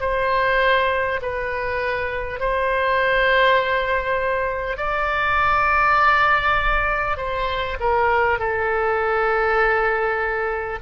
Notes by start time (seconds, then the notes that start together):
0.00 C5
1.22 B4
2.40 C5
4.77 D5
7.17 C5
7.80 A#4
8.39 A4